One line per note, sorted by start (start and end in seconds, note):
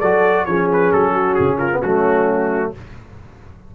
0.00 0.46 F#3
0.00 0.48 F#4
0.00 0.46 A4
0.00 0.45 D5
0.45 0.92 F3
0.45 1.72 C#4
0.45 1.12 G#4
0.45 0.68 C#5
0.73 0.92 B4
0.92 1.38 F#3
0.92 1.34 A4
1.12 1.57 F#4
1.34 1.83 C#3
1.34 1.57 G#4
1.57 1.80 F4
1.57 1.81 A#4
1.72 1.83 B3
1.80 2.74 F#3
1.80 2.75 A3
1.80 2.71 C#4
1.80 2.72 F#4